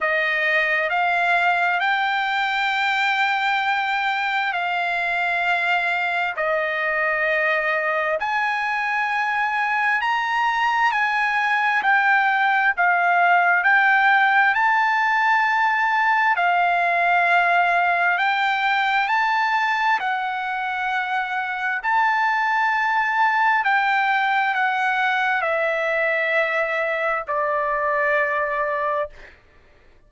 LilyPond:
\new Staff \with { instrumentName = "trumpet" } { \time 4/4 \tempo 4 = 66 dis''4 f''4 g''2~ | g''4 f''2 dis''4~ | dis''4 gis''2 ais''4 | gis''4 g''4 f''4 g''4 |
a''2 f''2 | g''4 a''4 fis''2 | a''2 g''4 fis''4 | e''2 d''2 | }